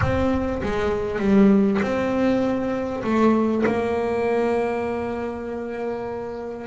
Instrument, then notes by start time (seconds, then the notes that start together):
double bass
0.01 C4
0.62 G#3
1.19 G3
1.82 C4
3.03 A3
3.66 A#3